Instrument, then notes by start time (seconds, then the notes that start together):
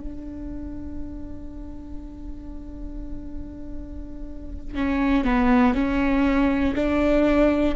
viola
0.00 D4
4.75 C#4
5.25 B3
5.74 C#4
6.75 D4